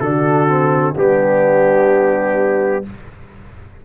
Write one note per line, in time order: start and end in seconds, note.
0.00 0.94 D3
0.00 0.48 D4
0.00 0.94 F#4
0.00 0.94 A4
0.48 0.95 C4
0.96 2.84 G3
0.96 2.83 B3
0.96 2.83 D4
0.96 2.85 G4